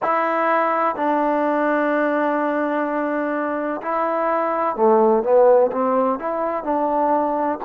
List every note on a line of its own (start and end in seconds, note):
0.02 0.95 E4
0.95 3.81 D4
3.82 4.76 E4
4.76 5.23 A3
5.23 5.70 B3
5.71 6.19 C4
6.19 6.63 E4
6.63 7.58 D4